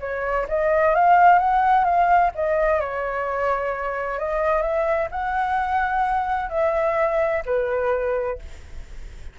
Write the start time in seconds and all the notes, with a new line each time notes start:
0.00 C#5
0.48 D#5
0.95 F5
1.39 F#5
1.84 F5
2.35 D#5
2.81 C#5
4.19 D#5
4.62 E5
5.11 F#5
6.50 E5
7.46 B4